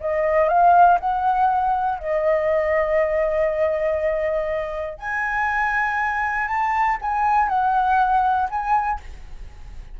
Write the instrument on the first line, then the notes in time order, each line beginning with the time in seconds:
flute
0.00 D#5
0.48 F5
1.00 F#5
1.99 D#5
4.98 G#5
6.48 A5
7.01 G#5
7.48 F#5
8.49 G#5